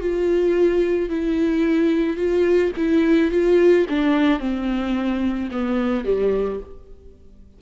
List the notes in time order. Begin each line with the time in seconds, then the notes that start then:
0.00 F4
1.09 E4
2.16 F4
2.76 E4
3.31 F4
3.89 D4
4.39 C4
5.51 B3
6.04 G3